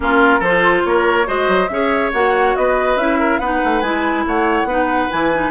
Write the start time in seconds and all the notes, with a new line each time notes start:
0.00 A#3 C#4 F4 A#4
0.39 F3 A4 C5
0.46 F4
0.84 A#3 A#4 C#5
1.25 G#3 F#4 C5 D#5
1.48 F#3
1.67 C#4 G#4 C#5 E5
2.13 A#3 F#4 F#5
2.56 B3 B4 D#5
2.96 C#4 E4 E5
3.19 A#4
3.38 B3 D#4 B4 F#5
3.64 A3
3.81 G#3 E4 G#5
4.27 A3 C#5 F#5
4.64 B3 D#4 B4
5.09 E3 E4 G#5
5.33 D#4